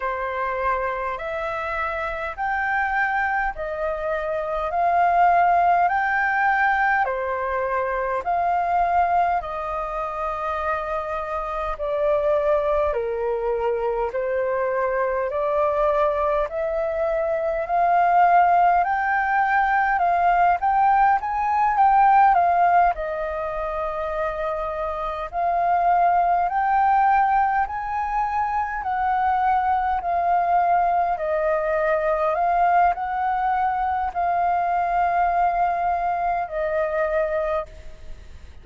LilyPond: \new Staff \with { instrumentName = "flute" } { \time 4/4 \tempo 4 = 51 c''4 e''4 g''4 dis''4 | f''4 g''4 c''4 f''4 | dis''2 d''4 ais'4 | c''4 d''4 e''4 f''4 |
g''4 f''8 g''8 gis''8 g''8 f''8 dis''8~ | dis''4. f''4 g''4 gis''8~ | gis''8 fis''4 f''4 dis''4 f''8 | fis''4 f''2 dis''4 | }